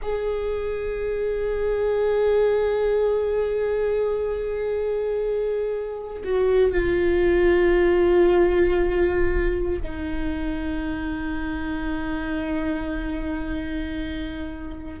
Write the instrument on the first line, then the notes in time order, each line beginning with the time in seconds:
viola
0.01 G#4
6.24 F#4
6.71 F4
9.82 D#4